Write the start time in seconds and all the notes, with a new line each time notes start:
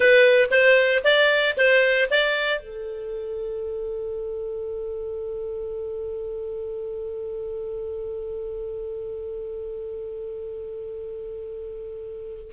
0.00 B4
0.50 C5
1.03 D5
1.57 C5
2.10 D5
2.60 A4